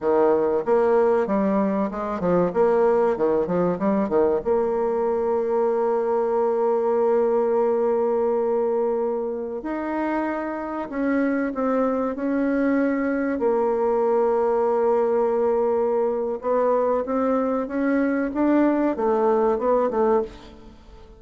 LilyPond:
\new Staff \with { instrumentName = "bassoon" } { \time 4/4 \tempo 4 = 95 dis4 ais4 g4 gis8 f8 | ais4 dis8 f8 g8 dis8 ais4~ | ais1~ | ais2.~ ais16 dis'8.~ |
dis'4~ dis'16 cis'4 c'4 cis'8.~ | cis'4~ cis'16 ais2~ ais8.~ | ais2 b4 c'4 | cis'4 d'4 a4 b8 a8 | }